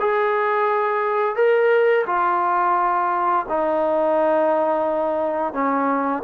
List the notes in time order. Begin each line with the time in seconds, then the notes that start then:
0.00 G#4
1.36 A#4
2.06 F4
3.49 D#4
5.53 C#4